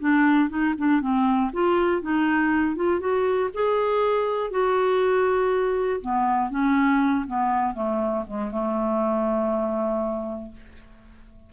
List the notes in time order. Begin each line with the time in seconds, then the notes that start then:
0.00 D4
0.49 D#4
0.78 D4
1.01 C4
1.53 F4
2.02 D#4
2.76 F4
3.00 F#4
3.54 G#4
4.51 F#4
6.01 B3
6.50 C#4
7.26 B3
7.74 A3
8.27 G#3
8.51 A3